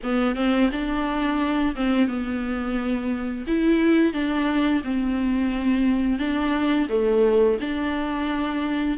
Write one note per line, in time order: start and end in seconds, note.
0.03 0.35 B3
0.35 0.70 C4
0.71 1.75 D4
1.75 2.07 C4
2.07 3.45 B3
3.47 4.13 E4
4.13 4.82 D4
4.84 6.18 C4
6.18 6.87 D4
6.89 7.58 A3
7.60 8.97 D4